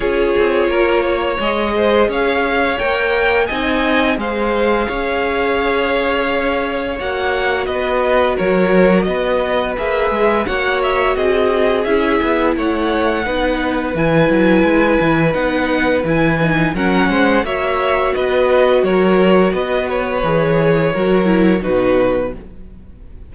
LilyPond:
<<
  \new Staff \with { instrumentName = "violin" } { \time 4/4 \tempo 4 = 86 cis''2 dis''4 f''4 | g''4 gis''4 f''2~ | f''2 fis''4 dis''4 | cis''4 dis''4 e''4 fis''8 e''8 |
dis''4 e''4 fis''2 | gis''2 fis''4 gis''4 | fis''4 e''4 dis''4 cis''4 | dis''8 cis''2~ cis''8 b'4 | }
  \new Staff \with { instrumentName = "violin" } { \time 4/4 gis'4 ais'8 cis''4 c''8 cis''4~ | cis''4 dis''4 c''4 cis''4~ | cis''2. b'4 | ais'4 b'2 cis''4 |
gis'2 cis''4 b'4~ | b'1 | ais'8 c''8 cis''4 b'4 ais'4 | b'2 ais'4 fis'4 | }
  \new Staff \with { instrumentName = "viola" } { \time 4/4 f'2 gis'2 | ais'4 dis'4 gis'2~ | gis'2 fis'2~ | fis'2 gis'4 fis'4~ |
fis'4 e'2 dis'4 | e'2 dis'4 e'8 dis'8 | cis'4 fis'2.~ | fis'4 gis'4 fis'8 e'8 dis'4 | }
  \new Staff \with { instrumentName = "cello" } { \time 4/4 cis'8 c'8 ais4 gis4 cis'4 | ais4 c'4 gis4 cis'4~ | cis'2 ais4 b4 | fis4 b4 ais8 gis8 ais4 |
c'4 cis'8 b8 a4 b4 | e8 fis8 gis8 e8 b4 e4 | fis8 gis8 ais4 b4 fis4 | b4 e4 fis4 b,4 | }
>>